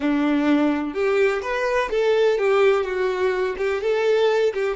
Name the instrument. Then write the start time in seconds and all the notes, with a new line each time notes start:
violin
0.00 D4
0.94 G4
1.42 B4
1.90 A4
2.38 G4
2.84 F#4
3.57 G4
3.81 A4
4.53 G4